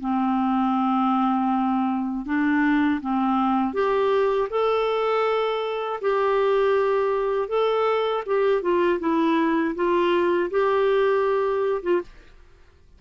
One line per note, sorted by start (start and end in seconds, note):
0.00 2.25 C4
2.25 3.00 D4
3.01 3.73 C4
3.73 4.48 G4
4.50 6.00 A4
6.01 7.48 G4
7.48 8.23 A4
8.26 8.61 G4
8.61 8.99 F4
8.99 9.74 E4
9.75 10.50 F4
10.50 11.81 G4
11.82 12.01 F4